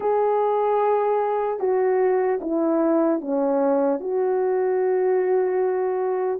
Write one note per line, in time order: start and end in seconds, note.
0.00 1.59 G#4
1.59 2.39 F#4
2.41 3.20 E4
3.20 4.00 C#4
4.00 6.39 F#4